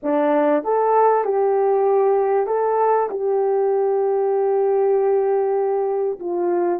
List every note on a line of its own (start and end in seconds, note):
0.03 0.64 D4
0.64 1.24 A4
1.24 2.46 G4
2.46 3.08 A4
3.10 6.19 G4
6.19 6.80 F4